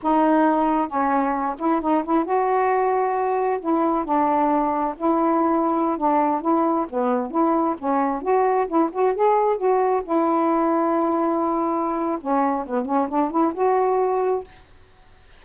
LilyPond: \new Staff \with { instrumentName = "saxophone" } { \time 4/4 \tempo 4 = 133 dis'2 cis'4. e'8 | dis'8 e'8 fis'2. | e'4 d'2 e'4~ | e'4~ e'16 d'4 e'4 b8.~ |
b16 e'4 cis'4 fis'4 e'8 fis'16~ | fis'16 gis'4 fis'4 e'4.~ e'16~ | e'2. cis'4 | b8 cis'8 d'8 e'8 fis'2 | }